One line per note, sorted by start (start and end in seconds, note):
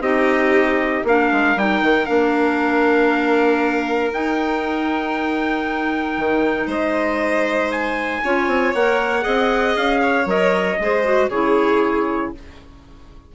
0.00 1.03 C4
0.00 1.04 D#4
0.00 1.04 G4
0.00 1.04 D#5
1.04 1.29 A#3
1.04 1.57 D4
1.04 6.66 A#4
1.04 1.58 F5
1.32 1.56 G#3
1.56 1.81 G3
1.56 2.06 D#4
1.56 2.06 G5
1.81 2.07 D#3
2.06 4.12 A#3
2.06 4.11 D4
2.06 4.11 F5
4.12 8.22 D#4
4.12 6.17 D#4
4.12 6.69 G5
6.17 6.66 D#3
6.66 8.20 G#3
6.66 8.20 C5
6.66 7.71 D#5
7.71 8.73 G#5
8.23 8.47 C#4
8.23 8.75 F4
8.23 9.23 C#5
8.47 8.73 C4
8.73 9.25 A#3
8.73 9.21 A#4
8.73 9.76 F#5
9.21 9.76 C4
9.21 10.23 G#4
9.21 10.00 D#5
9.76 10.25 C#4
9.76 10.27 F5
10.01 10.78 C#5
10.25 10.76 F#3
10.25 10.77 A#4
10.25 11.30 D#5
10.79 11.29 G#3
10.79 11.03 G#4
10.79 11.29 C5
11.03 11.29 F#4
11.29 12.31 C#3
11.29 12.34 E4
11.29 12.31 G#4
11.29 12.32 C#5